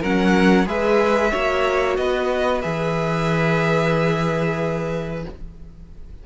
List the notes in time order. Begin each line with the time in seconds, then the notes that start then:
0.00 F#3 C#4 A#4 F#5
0.66 G#3 G#4 B4 E5
1.31 A#3 F#4 C#5
1.97 B3 B4 D#5
2.62 E3 G#4 E5